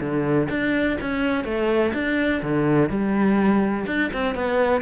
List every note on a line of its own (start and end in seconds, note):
0.00 0.48 D3
0.49 0.97 D4
1.00 1.44 C#4
1.44 1.92 A3
1.93 2.41 D4
2.42 2.89 D3
2.89 3.85 G3
3.86 4.10 D4
4.13 4.34 C4
4.34 4.81 B3